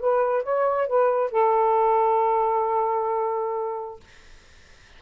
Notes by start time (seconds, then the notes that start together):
0.00 B4
0.43 C#5
0.87 B4
1.31 A4